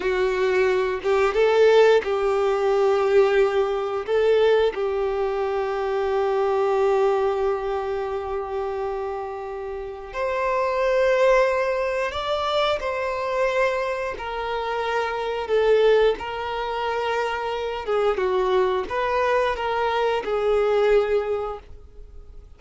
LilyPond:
\new Staff \with { instrumentName = "violin" } { \time 4/4 \tempo 4 = 89 fis'4. g'8 a'4 g'4~ | g'2 a'4 g'4~ | g'1~ | g'2. c''4~ |
c''2 d''4 c''4~ | c''4 ais'2 a'4 | ais'2~ ais'8 gis'8 fis'4 | b'4 ais'4 gis'2 | }